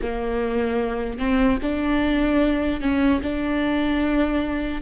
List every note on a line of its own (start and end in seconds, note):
0.02 1.18 A#3
1.18 1.58 C4
1.61 2.80 D4
2.80 3.20 C#4
3.22 4.81 D4